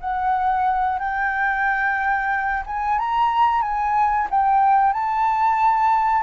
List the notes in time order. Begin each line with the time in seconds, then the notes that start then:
0.00 F#5
0.99 G5
2.66 G#5
2.98 A#5
3.61 G#5
4.30 G5
4.93 A5